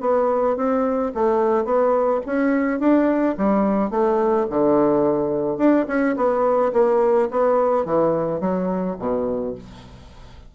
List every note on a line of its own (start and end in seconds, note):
0.00 0.56 B3
0.56 1.12 C4
1.14 1.65 A3
1.65 2.21 B3
2.26 2.79 C#4
2.79 3.35 D4
3.37 3.90 G3
3.90 4.46 A3
4.50 5.57 D3
5.57 5.85 D4
5.88 6.16 C#4
6.16 6.72 B3
6.72 7.28 A#3
7.30 7.85 B3
7.85 8.40 E3
8.40 8.96 F#3
8.98 9.55 B2